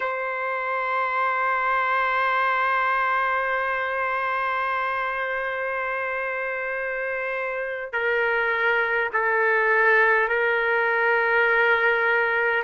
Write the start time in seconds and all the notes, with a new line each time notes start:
0.00 C5
7.93 A#4
9.13 A4
10.28 A#4